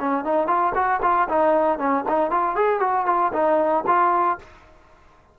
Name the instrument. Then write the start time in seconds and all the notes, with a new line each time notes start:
trombone
0.00 C#4
0.25 D#4
0.47 F4
0.75 F#4
1.03 F4
1.29 D#4
1.79 C#4
2.09 D#4
2.31 F4
2.56 G#4
2.80 F#4
3.07 F4
3.33 D#4
3.87 F4